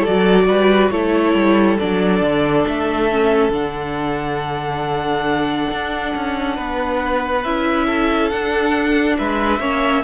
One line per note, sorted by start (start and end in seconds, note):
0.00 0.43 A4
0.00 0.90 D5
0.06 0.46 F#3
0.06 0.91 F#4
0.46 0.90 G3
0.46 0.91 B4
0.90 1.34 A3
0.90 1.78 E4
0.90 6.56 A4
0.90 1.77 C#5
1.34 1.77 G3
1.79 2.21 F#3
1.79 3.09 D4
1.79 2.66 D5
2.21 2.64 D3
2.66 3.49 A3
2.66 3.53 E5
3.10 3.51 C#4
3.49 5.66 D3
3.49 7.43 D4
3.49 7.43 F#5
5.71 6.14 D4
6.14 6.57 C#4
6.56 7.44 B3
6.56 7.86 B4
7.43 8.31 C#4
7.43 8.32 E4
7.43 8.29 E5
7.86 9.16 A4
8.29 9.18 D4
8.29 9.60 D4
8.29 9.16 F#5
9.17 9.59 G#3
9.17 9.59 B4
9.17 10.03 E5
9.59 10.02 A#3
9.59 10.03 C#4
9.59 10.03 C#5